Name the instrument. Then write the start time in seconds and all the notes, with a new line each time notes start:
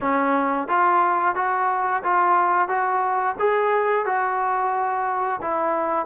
trombone
0.00 C#4
0.67 F4
1.35 F#4
2.03 F4
2.68 F#4
3.39 G#4
4.05 F#4
5.41 E4